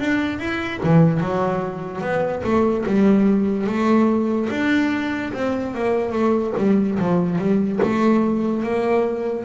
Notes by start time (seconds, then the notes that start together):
0.00 D4
0.40 E4
0.83 E3
1.21 F#3
2.02 B3
2.44 A3
2.87 G3
3.67 A3
4.51 D4
5.34 C4
5.75 A#3
6.13 A3
6.58 G3
6.99 F3
7.39 G3
7.83 A3
8.64 A#3